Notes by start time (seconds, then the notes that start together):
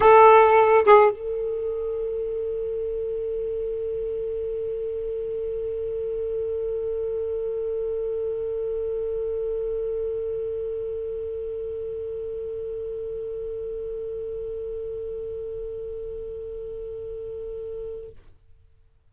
0.00 A4
0.85 G#4
1.11 A4